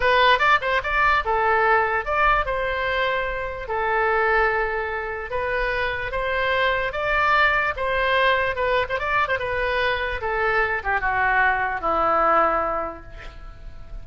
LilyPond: \new Staff \with { instrumentName = "oboe" } { \time 4/4 \tempo 4 = 147 b'4 d''8 c''8 d''4 a'4~ | a'4 d''4 c''2~ | c''4 a'2.~ | a'4 b'2 c''4~ |
c''4 d''2 c''4~ | c''4 b'8. c''16 d''8. c''16 b'4~ | b'4 a'4. g'8 fis'4~ | fis'4 e'2. | }